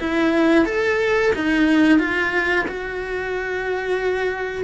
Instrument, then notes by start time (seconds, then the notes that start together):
cello
0.00 E4
0.65 A4
1.35 D#4
1.99 F4
2.68 F#4